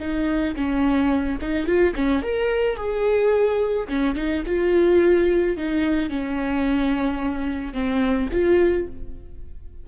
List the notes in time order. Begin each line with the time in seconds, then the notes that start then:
0.00 D#4
0.56 C#4
1.42 D#4
1.67 F4
1.95 C#4
2.23 A#4
2.77 G#4
3.89 C#4
4.16 D#4
4.46 F4
5.57 D#4
6.10 C#4
7.74 C4
8.32 F4